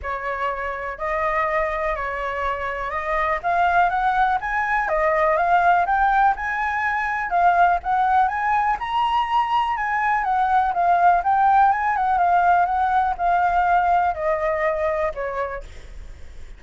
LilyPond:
\new Staff \with { instrumentName = "flute" } { \time 4/4 \tempo 4 = 123 cis''2 dis''2 | cis''2 dis''4 f''4 | fis''4 gis''4 dis''4 f''4 | g''4 gis''2 f''4 |
fis''4 gis''4 ais''2 | gis''4 fis''4 f''4 g''4 | gis''8 fis''8 f''4 fis''4 f''4~ | f''4 dis''2 cis''4 | }